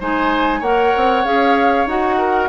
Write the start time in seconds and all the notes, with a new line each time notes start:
0.00 G#3 D#4 C5 G#5
0.60 A#3 A#4 C#5 F#5
0.96 C4
1.25 C#4 G#4 F5
1.86 D#4 F#4 F#5
2.18 A#4